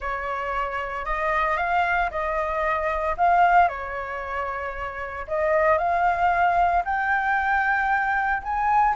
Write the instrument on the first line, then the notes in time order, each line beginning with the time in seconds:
flute
0.00 C#5
1.05 D#5
1.57 F5
2.11 D#5
3.17 F5
3.68 C#5
5.27 D#5
5.78 F5
6.84 G5
8.42 G#5